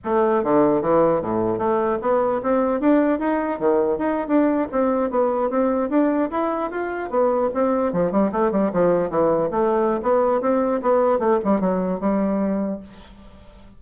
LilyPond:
\new Staff \with { instrumentName = "bassoon" } { \time 4/4 \tempo 4 = 150 a4 d4 e4 a,4 | a4 b4 c'4 d'4 | dis'4 dis4 dis'8. d'4 c'16~ | c'8. b4 c'4 d'4 e'16~ |
e'8. f'4 b4 c'4 f16~ | f16 g8 a8 g8 f4 e4 a16~ | a4 b4 c'4 b4 | a8 g8 fis4 g2 | }